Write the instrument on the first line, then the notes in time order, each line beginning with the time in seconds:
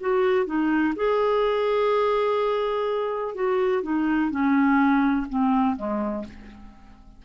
clarinet
0.00 F#4
0.46 D#4
0.96 G#4
3.34 F#4
3.82 D#4
4.30 C#4
5.29 C4
5.76 G#3